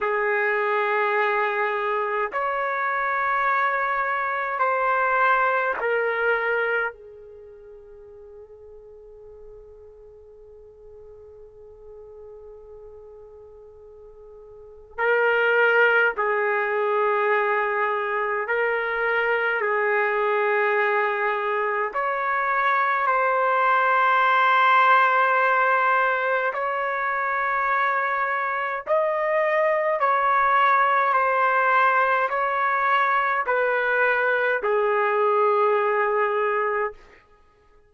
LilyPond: \new Staff \with { instrumentName = "trumpet" } { \time 4/4 \tempo 4 = 52 gis'2 cis''2 | c''4 ais'4 gis'2~ | gis'1~ | gis'4 ais'4 gis'2 |
ais'4 gis'2 cis''4 | c''2. cis''4~ | cis''4 dis''4 cis''4 c''4 | cis''4 b'4 gis'2 | }